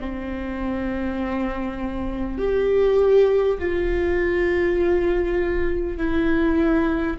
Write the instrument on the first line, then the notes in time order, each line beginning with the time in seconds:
viola
0.00 C4
2.38 G4
3.59 F4
5.97 E4